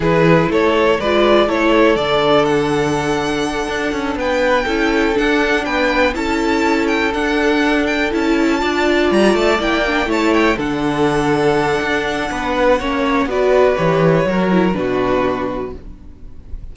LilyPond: <<
  \new Staff \with { instrumentName = "violin" } { \time 4/4 \tempo 4 = 122 b'4 cis''4 d''4 cis''4 | d''4 fis''2.~ | fis''8 g''2 fis''4 g''8~ | g''8 a''4. g''8 fis''4. |
g''8 a''2 ais''8 a''8 g''8~ | g''8 a''8 g''8 fis''2~ fis''8~ | fis''2. d''4 | cis''2 b'2 | }
  \new Staff \with { instrumentName = "violin" } { \time 4/4 gis'4 a'4 b'4 a'4~ | a'1~ | a'8 b'4 a'2 b'8~ | b'8 a'2.~ a'8~ |
a'4. d''2~ d''8~ | d''8 cis''4 a'2~ a'8~ | a'4 b'4 cis''4 b'4~ | b'4 ais'4 fis'2 | }
  \new Staff \with { instrumentName = "viola" } { \time 4/4 e'2 f'4 e'4 | d'1~ | d'4. e'4 d'4.~ | d'8 e'2 d'4.~ |
d'8 e'4 f'2 e'8 | d'8 e'4 d'2~ d'8~ | d'2 cis'4 fis'4 | g'4 fis'8 e'8 d'2 | }
  \new Staff \with { instrumentName = "cello" } { \time 4/4 e4 a4 gis4 a4 | d2.~ d8 d'8 | cis'8 b4 cis'4 d'4 b8~ | b8 cis'2 d'4.~ |
d'8 cis'4 d'4 g8 a8 ais8~ | ais8 a4 d2~ d8 | d'4 b4 ais4 b4 | e4 fis4 b,2 | }
>>